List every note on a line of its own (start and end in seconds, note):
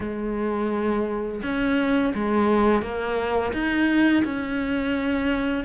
0.00 1.41 G#3
1.42 2.13 C#4
2.15 2.81 G#3
2.81 3.52 A#3
3.52 4.23 D#4
4.24 5.64 C#4